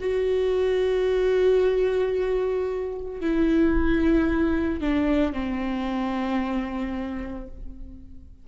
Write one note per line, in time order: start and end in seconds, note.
0.00 3.20 F#4
3.20 4.81 E4
4.81 5.33 D4
5.33 7.48 C4